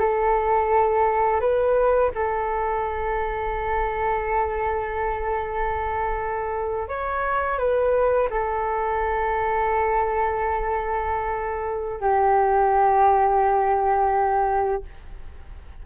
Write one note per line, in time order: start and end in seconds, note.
0.00 1.41 A4
1.41 2.11 B4
2.15 6.89 A4
6.89 7.59 C#5
7.59 8.29 B4
8.30 12.01 A4
12.01 14.83 G4